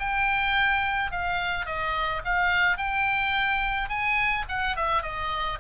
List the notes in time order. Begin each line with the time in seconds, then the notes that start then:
0.00 G5
1.12 F5
1.66 D#5
2.25 F5
2.78 G5
3.89 G#5
4.49 F#5
4.77 E5
5.03 D#5